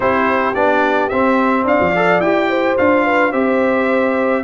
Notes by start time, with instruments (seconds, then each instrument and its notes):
0.00 tuba C4, trombone E4, horn G4, trumpet C5
0.54 tuba B3, trombone D4, trumpet D5
1.09 tuba C4, trombone C4, trumpet E5
1.64 tuba D4, horn D5, trumpet F5
1.80 tuba F3
1.95 trombone A4
2.20 tuba E4, trombone G4, trumpet G5
2.49 horn C5
2.77 tuba D4, trombone F4, trumpet F5
3.04 horn B4
3.31 tuba C4, trombone G4, horn C5, trumpet E5